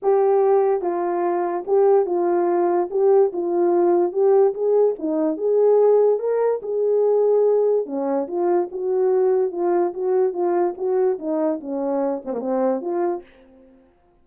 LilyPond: \new Staff \with { instrumentName = "horn" } { \time 4/4 \tempo 4 = 145 g'2 f'2 | g'4 f'2 g'4 | f'2 g'4 gis'4 | dis'4 gis'2 ais'4 |
gis'2. cis'4 | f'4 fis'2 f'4 | fis'4 f'4 fis'4 dis'4 | cis'4. c'16 ais16 c'4 f'4 | }